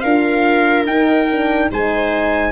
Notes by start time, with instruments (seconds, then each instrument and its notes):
0.00 tuba D4, horn F4, viola A#4, trumpet F5
0.86 tuba D#4, horn D#4, trumpet G5
1.30 horn D4
1.71 tuba G#3, horn D#4, viola C5, trumpet G#5